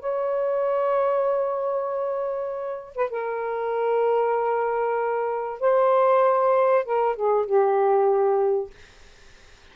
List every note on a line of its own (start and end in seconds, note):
0.00 2.96 C#5
2.96 3.11 B4
3.11 5.61 A#4
5.61 6.85 C5
6.85 7.16 A#4
7.16 7.46 G#4
7.46 8.71 G4